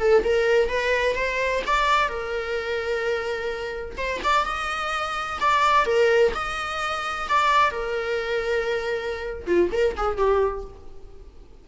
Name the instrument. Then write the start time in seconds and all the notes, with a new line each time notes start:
viola
0.00 A4
0.24 A#4
0.69 B4
1.15 C5
1.67 D5
2.09 A#4
3.97 C5
4.24 D5
4.46 D#5
5.41 D5
5.86 A#4
6.35 D#5
7.29 D5
7.71 A#4
9.47 F4
9.72 A#4
9.97 G#4
10.17 G4